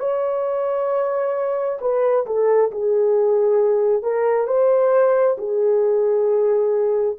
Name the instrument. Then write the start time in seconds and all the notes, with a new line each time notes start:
horn
0.00 C#5
1.81 B4
2.26 A4
2.72 G#4
4.03 A#4
4.47 C5
5.38 G#4